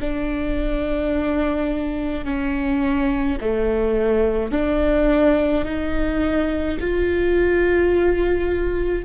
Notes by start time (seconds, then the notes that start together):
0.00 D4
2.24 C#4
3.40 A3
4.51 D4
5.64 D#4
6.80 F4